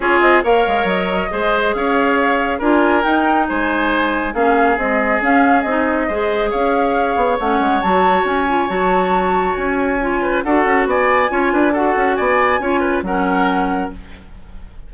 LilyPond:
<<
  \new Staff \with { instrumentName = "flute" } { \time 4/4 \tempo 4 = 138 cis''8 dis''8 f''4 dis''2 | f''2 gis''4 g''4 | gis''2 f''4 dis''4 | f''4 dis''2 f''4~ |
f''4 fis''4 a''4 gis''4 | a''2 gis''2 | fis''4 gis''2 fis''4 | gis''2 fis''2 | }
  \new Staff \with { instrumentName = "oboe" } { \time 4/4 gis'4 cis''2 c''4 | cis''2 ais'2 | c''2 gis'2~ | gis'2 c''4 cis''4~ |
cis''1~ | cis''2.~ cis''8 b'8 | a'4 d''4 cis''8 b'8 a'4 | d''4 cis''8 b'8 ais'2 | }
  \new Staff \with { instrumentName = "clarinet" } { \time 4/4 f'4 ais'2 gis'4~ | gis'2 f'4 dis'4~ | dis'2 cis'4 gis4 | cis'4 dis'4 gis'2~ |
gis'4 cis'4 fis'4. f'8 | fis'2. f'4 | fis'2 f'4 fis'4~ | fis'4 f'4 cis'2 | }
  \new Staff \with { instrumentName = "bassoon" } { \time 4/4 cis'8 c'8 ais8 gis8 fis4 gis4 | cis'2 d'4 dis'4 | gis2 ais4 c'4 | cis'4 c'4 gis4 cis'4~ |
cis'8 b8 a8 gis8 fis4 cis'4 | fis2 cis'2 | d'8 cis'8 b4 cis'8 d'4 cis'8 | b4 cis'4 fis2 | }
>>